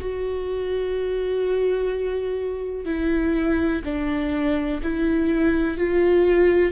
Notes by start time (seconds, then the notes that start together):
0.00 F#4
2.85 E4
3.85 D4
4.83 E4
5.78 F4